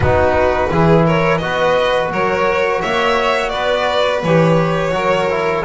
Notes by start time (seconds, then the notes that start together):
0.00 B3 D#4 F#4 B4
0.70 E3 E4 G#4
1.05 A#4 C#5
1.38 B3 F#4 D#5
1.45 B4
2.11 F#3 A#4 C#5
2.81 A#3 C#5 E5
3.49 B3 B4 D5
4.23 E3 G4 C#5
4.91 F#3 F#4 A#4
5.29 E4